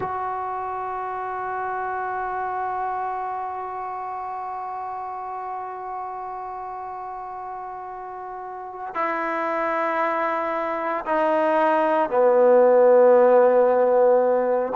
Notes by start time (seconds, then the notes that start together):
0.00 F#4
8.94 E4
11.05 D#4
12.09 B3